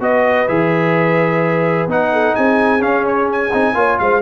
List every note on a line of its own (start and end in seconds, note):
0.00 0.47 B3
0.00 0.47 F#4
0.00 2.12 B4
0.00 0.48 D#5
0.48 1.87 E3
0.48 1.88 G#4
0.48 1.88 E5
1.87 2.33 B3
1.87 2.79 D#4
1.87 2.35 F#5
2.12 2.34 A4
2.34 2.82 C4
2.34 3.74 G#4
2.34 2.82 G#5
2.79 3.50 C#4
2.79 3.52 C#4
2.79 3.05 F5
3.07 3.30 C#5
3.32 3.99 G#5
3.53 3.74 C4
3.53 3.74 D#4
3.74 3.98 A#3
3.74 4.21 F4
3.74 3.99 C#5
3.99 4.21 G#3
3.99 4.21 C5
3.99 4.21 F5